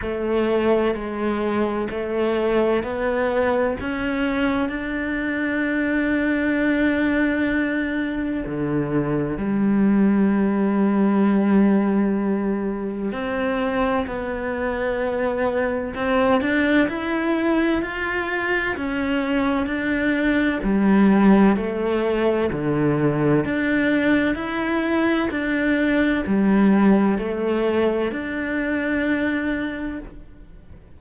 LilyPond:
\new Staff \with { instrumentName = "cello" } { \time 4/4 \tempo 4 = 64 a4 gis4 a4 b4 | cis'4 d'2.~ | d'4 d4 g2~ | g2 c'4 b4~ |
b4 c'8 d'8 e'4 f'4 | cis'4 d'4 g4 a4 | d4 d'4 e'4 d'4 | g4 a4 d'2 | }